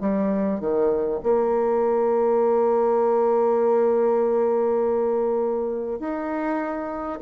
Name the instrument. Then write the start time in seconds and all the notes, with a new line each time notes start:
bassoon
0.00 G3
0.60 D#3
1.23 A#3
5.99 D#4